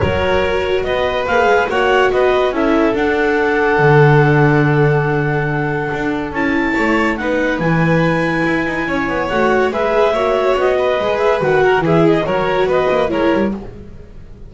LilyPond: <<
  \new Staff \with { instrumentName = "clarinet" } { \time 4/4 \tempo 4 = 142 cis''2 dis''4 f''4 | fis''4 dis''4 e''4 fis''4~ | fis''1~ | fis''2. a''4~ |
a''4 fis''4 gis''2~ | gis''2 fis''4 e''4~ | e''4 dis''4. e''8 fis''4 | e''8 dis''8 cis''4 dis''4 cis''4 | }
  \new Staff \with { instrumentName = "violin" } { \time 4/4 ais'2 b'2 | cis''4 b'4 a'2~ | a'1~ | a'1 |
cis''4 b'2.~ | b'4 cis''2 b'4 | cis''4. b'2 ais'8 | gis'4 ais'4 b'4 ais'4 | }
  \new Staff \with { instrumentName = "viola" } { \time 4/4 fis'2. gis'4 | fis'2 e'4 d'4~ | d'1~ | d'2. e'4~ |
e'4 dis'4 e'2~ | e'2 fis'4 gis'4 | fis'2 gis'4 fis'4 | e'4 fis'2 e'4 | }
  \new Staff \with { instrumentName = "double bass" } { \time 4/4 fis2 b4 ais8 gis8 | ais4 b4 cis'4 d'4~ | d'4 d2.~ | d2 d'4 cis'4 |
a4 b4 e2 | e'8 dis'8 cis'8 b8 a4 gis4 | ais4 b4 gis4 dis4 | e4 fis4 b8 ais8 gis8 g8 | }
>>